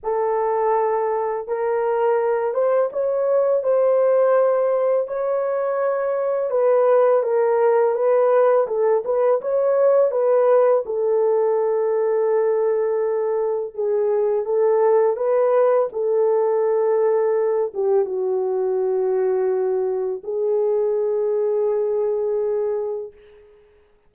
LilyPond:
\new Staff \with { instrumentName = "horn" } { \time 4/4 \tempo 4 = 83 a'2 ais'4. c''8 | cis''4 c''2 cis''4~ | cis''4 b'4 ais'4 b'4 | a'8 b'8 cis''4 b'4 a'4~ |
a'2. gis'4 | a'4 b'4 a'2~ | a'8 g'8 fis'2. | gis'1 | }